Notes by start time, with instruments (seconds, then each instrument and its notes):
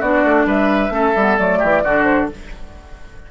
0.00 bassoon B3, clarinet D4, oboe F#4, flute D5
0.24 bassoon A3
0.45 bassoon G3, oboe B4, flute E5
0.89 bassoon A3, clarinet C#4, oboe A4
1.16 bassoon G3, clarinet B3
1.37 bassoon F#3, clarinet A3, flute D5
1.59 bassoon E3, oboe G4
1.84 bassoon D3, clarinet D4, oboe F#4
2.03 flute C5